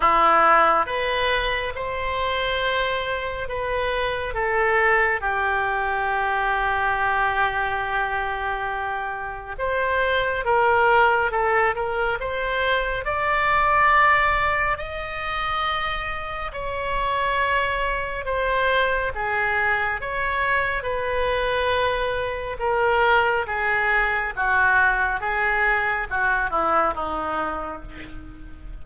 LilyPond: \new Staff \with { instrumentName = "oboe" } { \time 4/4 \tempo 4 = 69 e'4 b'4 c''2 | b'4 a'4 g'2~ | g'2. c''4 | ais'4 a'8 ais'8 c''4 d''4~ |
d''4 dis''2 cis''4~ | cis''4 c''4 gis'4 cis''4 | b'2 ais'4 gis'4 | fis'4 gis'4 fis'8 e'8 dis'4 | }